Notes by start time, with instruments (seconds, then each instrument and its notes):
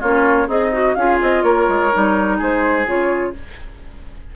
0.00 bassoon A#3, clarinet C#4, oboe F4, flute C#5
0.47 bassoon C4, oboe D#4, clarinet G#4, flute D#5
0.72 clarinet F#4
0.94 bassoon C#4, clarinet F4, oboe G#4, flute F5
1.22 bassoon C4, flute D#5
1.43 bassoon A#3, oboe A#4, flute C#5
1.68 bassoon G#3
1.92 bassoon G3, clarinet D#4
2.38 bassoon G#3, oboe G#4, flute C5
2.85 bassoon C#3, clarinet F4, flute C#5